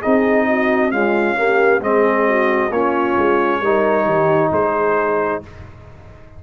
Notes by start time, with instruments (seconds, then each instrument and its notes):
0.00 tuba C4, trombone D#4, horn G#4, trumpet D#5
0.47 horn F#4
0.91 trombone G#3, tuba C#4, horn F4, trumpet F5
1.36 trombone A#3, horn G4
1.81 tuba G#3, trombone C4, horn G#4, trumpet D#5
2.27 horn F#4
2.70 tuba A#3, trombone C#4, horn F4, trumpet C#5
3.17 tuba G#3
3.61 tuba G3, trombone D#4, horn A#4
4.05 tuba D#3, horn G4
4.51 tuba G#3, horn G#4, trumpet C5